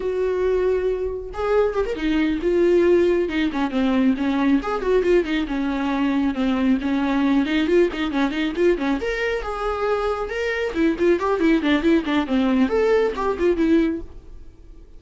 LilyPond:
\new Staff \with { instrumentName = "viola" } { \time 4/4 \tempo 4 = 137 fis'2. gis'4 | g'16 ais'16 dis'4 f'2 dis'8 | cis'8 c'4 cis'4 gis'8 fis'8 f'8 | dis'8 cis'2 c'4 cis'8~ |
cis'4 dis'8 f'8 dis'8 cis'8 dis'8 f'8 | cis'8 ais'4 gis'2 ais'8~ | ais'8 e'8 f'8 g'8 e'8 d'8 e'8 d'8 | c'4 a'4 g'8 f'8 e'4 | }